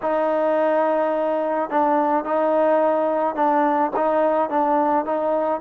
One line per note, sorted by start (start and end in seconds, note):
0.02 1.70 D#4
1.70 2.24 D4
2.24 3.35 D#4
3.35 3.91 D4
3.95 4.49 D#4
4.49 5.05 D4
5.05 5.60 D#4